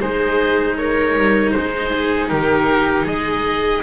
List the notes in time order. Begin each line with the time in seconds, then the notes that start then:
0.00 G#3 D#4 G#4 C5
0.77 A#4 C#5
1.16 G3
1.51 G#3 D#4 C5
1.91 G#4
2.29 D#3 G4 A#4
3.05 G#3 G#4 D#5